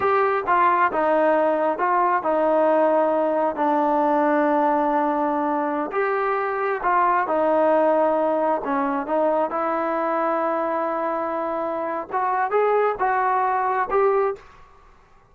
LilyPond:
\new Staff \with { instrumentName = "trombone" } { \time 4/4 \tempo 4 = 134 g'4 f'4 dis'2 | f'4 dis'2. | d'1~ | d'4~ d'16 g'2 f'8.~ |
f'16 dis'2. cis'8.~ | cis'16 dis'4 e'2~ e'8.~ | e'2. fis'4 | gis'4 fis'2 g'4 | }